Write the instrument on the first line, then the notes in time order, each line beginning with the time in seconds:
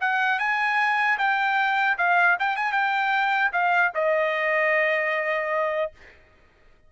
trumpet
0.00 F#5
0.39 G#5
1.18 G5
1.97 F5
2.39 G5
2.56 G#5
2.72 G5
3.52 F5
3.94 D#5